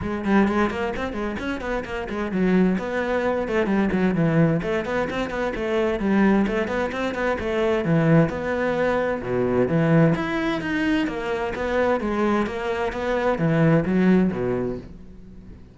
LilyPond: \new Staff \with { instrumentName = "cello" } { \time 4/4 \tempo 4 = 130 gis8 g8 gis8 ais8 c'8 gis8 cis'8 b8 | ais8 gis8 fis4 b4. a8 | g8 fis8 e4 a8 b8 c'8 b8 | a4 g4 a8 b8 c'8 b8 |
a4 e4 b2 | b,4 e4 e'4 dis'4 | ais4 b4 gis4 ais4 | b4 e4 fis4 b,4 | }